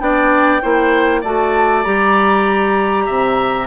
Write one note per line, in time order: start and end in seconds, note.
0.00 0.62 B3
0.00 0.61 D4
0.00 0.62 D5
0.00 1.23 G5
0.62 1.24 A#3
0.62 1.23 E4
0.62 1.21 C5
1.21 1.85 A3
1.21 1.85 F#4
1.21 3.05 D5
1.21 1.85 A5
1.85 3.08 G3
1.85 3.68 G4
1.85 3.68 A#5
3.06 3.68 C3
3.06 3.67 E5